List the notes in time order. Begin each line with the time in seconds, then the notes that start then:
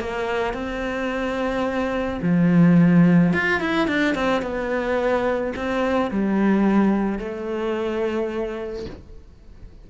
0.00 A#3
0.54 C4
2.22 F3
3.33 F4
3.61 E4
3.88 D4
4.15 C4
4.42 B3
5.56 C4
6.11 G3
7.19 A3